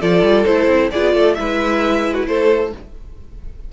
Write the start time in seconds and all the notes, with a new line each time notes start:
0.00 F3 F4 A4 D5
0.22 G3
0.44 A3 E4 C5
0.67 C4
0.91 B3 F4 G#4 D5
1.13 A3 A4
1.34 G#3 E4 B4 E5
2.13 F#4
2.27 A3 A4 C5